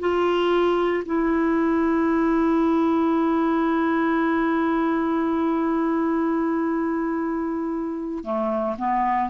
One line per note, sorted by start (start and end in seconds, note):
0.00 1.03 F4
1.06 8.24 E4
8.24 8.76 A3
8.78 9.30 B3